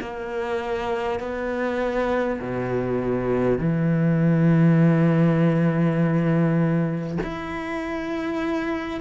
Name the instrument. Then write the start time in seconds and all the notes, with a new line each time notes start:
cello
0.00 A#3
1.19 B3
2.41 B2
3.58 E3
7.23 E4